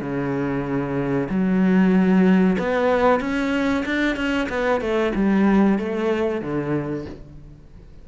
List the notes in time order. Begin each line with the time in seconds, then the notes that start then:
0.00 C#3
1.29 F#3
2.59 B3
3.20 C#4
3.85 D4
4.16 C#4
4.49 B3
4.80 A3
5.15 G3
5.78 A3
6.41 D3